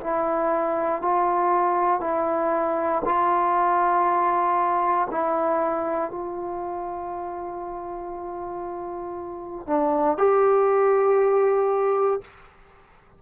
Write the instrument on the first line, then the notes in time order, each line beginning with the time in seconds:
trombone
0.00 E4
1.02 F4
2.00 E4
3.05 F4
5.11 E4
6.10 F4
9.67 D4
10.17 G4